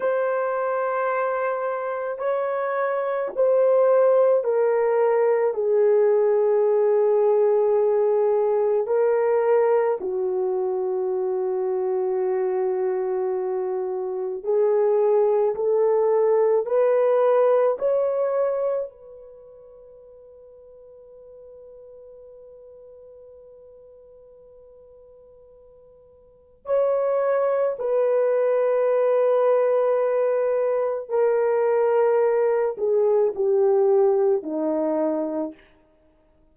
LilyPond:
\new Staff \with { instrumentName = "horn" } { \time 4/4 \tempo 4 = 54 c''2 cis''4 c''4 | ais'4 gis'2. | ais'4 fis'2.~ | fis'4 gis'4 a'4 b'4 |
cis''4 b'2.~ | b'1 | cis''4 b'2. | ais'4. gis'8 g'4 dis'4 | }